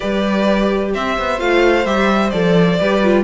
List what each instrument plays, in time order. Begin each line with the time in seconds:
0.00 cello G3, viola G4, violin B4 D5
0.93 cello C4, violin C5 E5
1.18 cello B3
1.38 cello A3, viola F4, violin F5
1.85 cello G3, viola G4, violin E5
2.30 cello F3, viola A4, violin D5
2.79 cello G3, viola G4, violin B4
3.03 viola F4